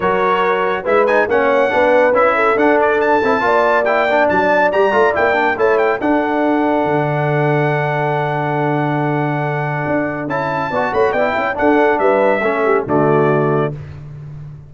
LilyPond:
<<
  \new Staff \with { instrumentName = "trumpet" } { \time 4/4 \tempo 4 = 140 cis''2 e''8 gis''8 fis''4~ | fis''4 e''4 fis''8 d''8 a''4~ | a''4 g''4 a''4 ais''4 | g''4 a''8 g''8 fis''2~ |
fis''1~ | fis''1 | a''4. b''8 g''4 fis''4 | e''2 d''2 | }
  \new Staff \with { instrumentName = "horn" } { \time 4/4 ais'2 b'4 cis''4 | b'4. a'2~ a'8 | d''1~ | d''4 cis''4 a'2~ |
a'1~ | a'1~ | a'4 d''8 cis''8 d''8 e''8 a'4 | b'4 a'8 g'8 fis'2 | }
  \new Staff \with { instrumentName = "trombone" } { \time 4/4 fis'2 e'8 dis'8 cis'4 | d'4 e'4 d'4. e'8 | f'4 e'8 d'4. g'8 f'8 | e'8 d'8 e'4 d'2~ |
d'1~ | d'1 | e'4 fis'4 e'4 d'4~ | d'4 cis'4 a2 | }
  \new Staff \with { instrumentName = "tuba" } { \time 4/4 fis2 gis4 ais4 | b4 cis'4 d'4. c'8 | ais2 fis4 g8 a8 | ais4 a4 d'2 |
d1~ | d2. d'4 | cis'4 b8 a8 b8 cis'8 d'4 | g4 a4 d2 | }
>>